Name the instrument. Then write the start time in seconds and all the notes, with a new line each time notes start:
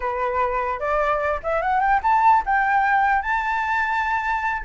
flute
0.00 B4
0.79 D5
1.43 E5
1.61 F#5
1.80 G5
2.02 A5
2.45 G5
3.21 A5